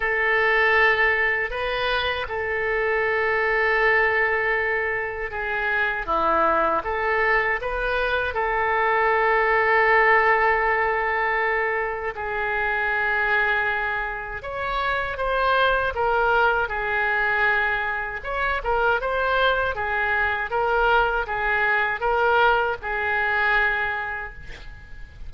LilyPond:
\new Staff \with { instrumentName = "oboe" } { \time 4/4 \tempo 4 = 79 a'2 b'4 a'4~ | a'2. gis'4 | e'4 a'4 b'4 a'4~ | a'1 |
gis'2. cis''4 | c''4 ais'4 gis'2 | cis''8 ais'8 c''4 gis'4 ais'4 | gis'4 ais'4 gis'2 | }